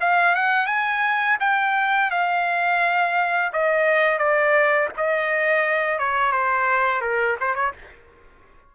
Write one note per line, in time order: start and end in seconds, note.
0.00 0.35 F5
0.35 0.66 F#5
0.66 1.37 G#5
1.40 2.10 G5
2.10 3.52 F5
3.53 4.18 D#5
4.18 4.89 D5
4.96 5.98 D#5
5.98 6.32 C#5
6.32 7.01 C5
7.01 7.36 A#4
7.40 7.54 C5
7.54 7.72 C#5